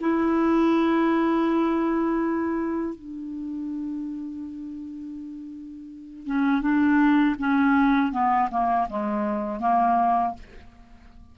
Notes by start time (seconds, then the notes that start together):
0.00 E4
2.95 D4
6.26 C#4
6.62 D4
7.39 C#4
8.12 B3
8.51 A#3
8.89 G#3
9.60 A#3